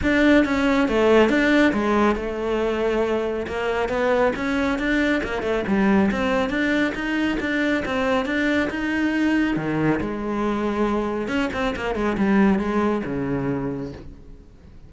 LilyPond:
\new Staff \with { instrumentName = "cello" } { \time 4/4 \tempo 4 = 138 d'4 cis'4 a4 d'4 | gis4 a2. | ais4 b4 cis'4 d'4 | ais8 a8 g4 c'4 d'4 |
dis'4 d'4 c'4 d'4 | dis'2 dis4 gis4~ | gis2 cis'8 c'8 ais8 gis8 | g4 gis4 cis2 | }